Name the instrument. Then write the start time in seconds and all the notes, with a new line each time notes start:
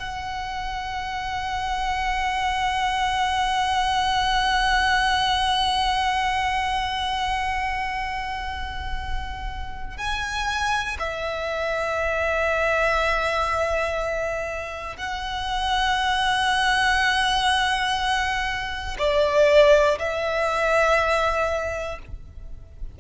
violin
0.00 F#5
9.98 G#5
10.99 E5
14.97 F#5
18.99 D5
19.99 E5